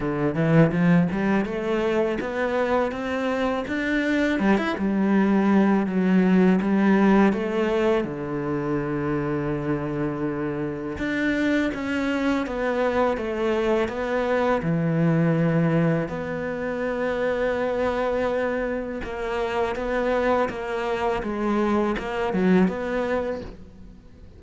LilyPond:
\new Staff \with { instrumentName = "cello" } { \time 4/4 \tempo 4 = 82 d8 e8 f8 g8 a4 b4 | c'4 d'4 g16 e'16 g4. | fis4 g4 a4 d4~ | d2. d'4 |
cis'4 b4 a4 b4 | e2 b2~ | b2 ais4 b4 | ais4 gis4 ais8 fis8 b4 | }